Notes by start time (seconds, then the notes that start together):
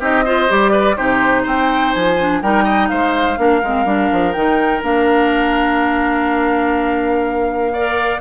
0.00 C4 D#4 G4 D#5
0.25 F4 C5
0.48 G3 G4 D5
0.71 B4
0.96 C3 D#4 G4 C5
1.43 C4 C5 G5
1.93 F3 G#5
2.19 D4
2.42 G3 D#4 A#4 G5
2.64 D#5
2.88 G#3 C5 F5
3.37 A#3 D4 A#4
3.63 G#3 C4
3.85 G3 D4
4.12 F3
4.32 D#3 D#4 G5
4.82 A#3 D4 F5
7.73 A#4 D5